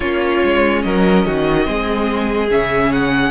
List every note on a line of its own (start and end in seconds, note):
0.00 0.41 A#3
0.00 1.64 C#4
0.00 0.82 F4
0.00 0.82 C#5
0.44 0.84 G#3
0.82 1.25 F#3
0.82 1.26 A#4
0.82 2.49 D#5
1.25 1.67 D#3
1.25 1.67 F#4
1.64 2.50 G#3
1.64 2.47 C4
1.64 3.31 G#4
2.50 3.31 C#3
2.50 3.31 C#4
2.50 2.92 E5
2.92 3.31 F#5